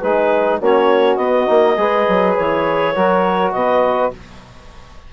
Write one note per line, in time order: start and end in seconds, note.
0.00 0.61 G#3
0.00 0.62 D#4
0.00 0.59 G#4
0.00 0.60 B4
0.59 1.17 A#3
0.59 1.20 C#4
0.59 1.76 F#4
0.59 1.17 C#5
1.17 1.47 B3
1.17 2.34 D#5
1.47 1.78 A#3
1.47 1.76 D#4
1.77 2.07 G#3
1.77 2.95 G#4
1.77 2.94 B4
2.08 2.38 F#3
2.36 2.96 E3
2.36 3.53 C#5
2.94 3.54 F#3
2.94 4.13 F#4
2.94 3.53 A#4
3.53 4.12 B2
3.53 4.14 B4
3.53 4.11 D#5